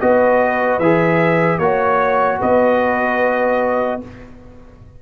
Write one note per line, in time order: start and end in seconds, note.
0.00 0.79 B3
0.00 0.81 F#4
0.00 1.62 B4
0.00 0.79 D#5
0.79 1.59 E3
0.79 1.61 G#4
0.79 1.58 E5
1.58 2.39 A#3
1.58 4.01 F#4
1.58 2.38 C#5
1.58 2.39 C#5
2.39 4.02 B3
2.39 3.99 B4
2.39 4.02 D#5